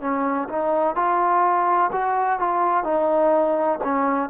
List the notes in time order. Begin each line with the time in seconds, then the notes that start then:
0.00 C#4
0.49 D#4
0.95 F4
1.92 F#4
2.39 F4
2.84 D#4
3.84 C#4